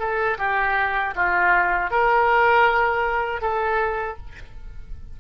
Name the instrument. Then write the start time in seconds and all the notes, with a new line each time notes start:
oboe
0.00 A4
0.39 G4
1.16 F4
1.91 A#4
3.42 A4